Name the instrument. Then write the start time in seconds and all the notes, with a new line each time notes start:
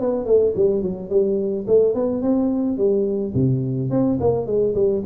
tuba
0.00 B3
0.25 A3
0.56 G3
0.82 F#3
1.09 G3
1.67 A3
1.94 B3
2.22 C4
2.78 G3
3.35 C3
3.90 C4
4.21 A#3
4.46 G#3
4.75 G3